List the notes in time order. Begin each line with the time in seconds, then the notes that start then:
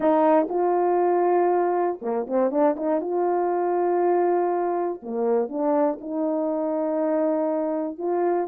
0.00 D#4
0.49 F4
2.01 A#3
2.27 C4
2.50 D4
2.76 D#4
3.00 F4
5.02 A#3
5.48 D4
6.00 D#4
7.98 F4